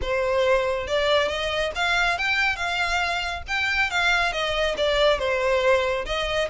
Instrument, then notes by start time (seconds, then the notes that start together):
violin
0.01 C5
0.87 D5
1.28 D#5
1.75 F5
2.18 G5
2.55 F5
3.47 G5
3.90 F5
4.32 D#5
4.77 D5
5.18 C5
6.05 D#5